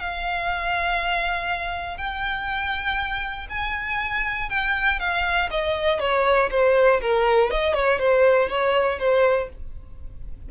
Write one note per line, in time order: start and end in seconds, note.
0.00 1.98 F5
1.98 3.48 G5
3.50 4.50 G#5
4.50 5.00 G5
5.00 5.50 F5
5.51 6.00 D#5
6.00 6.50 C#5
6.51 7.01 C5
7.01 7.51 A#4
7.51 7.74 D#5
7.74 7.99 C#5
7.99 8.49 C5
8.49 8.99 C#5
8.99 9.49 C5